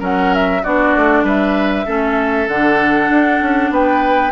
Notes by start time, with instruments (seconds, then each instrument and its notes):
0.00 bassoon F#3, clarinet C#4, oboe A#4, flute F#5
0.35 flute E5
0.64 bassoon B3, clarinet D4, oboe F#4, flute D5
0.96 bassoon A3
1.23 bassoon G3, oboe B4, flute E5
1.86 bassoon A3, clarinet C#4, oboe A4
2.48 bassoon D3, clarinet D4, flute F#5
3.10 bassoon D4
3.42 bassoon C#4
3.71 bassoon B3, oboe B4, flute G5